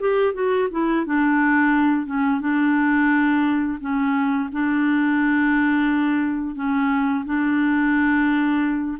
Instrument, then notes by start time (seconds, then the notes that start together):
clarinet
0.00 G4
0.34 F#4
0.71 E4
1.06 D4
2.06 C#4
2.41 D4
3.81 C#4
4.52 D4
6.56 C#4
7.26 D4